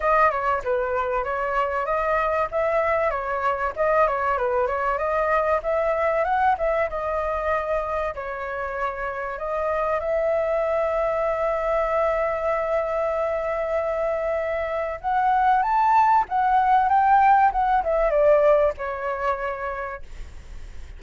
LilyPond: \new Staff \with { instrumentName = "flute" } { \time 4/4 \tempo 4 = 96 dis''8 cis''8 b'4 cis''4 dis''4 | e''4 cis''4 dis''8 cis''8 b'8 cis''8 | dis''4 e''4 fis''8 e''8 dis''4~ | dis''4 cis''2 dis''4 |
e''1~ | e''1 | fis''4 a''4 fis''4 g''4 | fis''8 e''8 d''4 cis''2 | }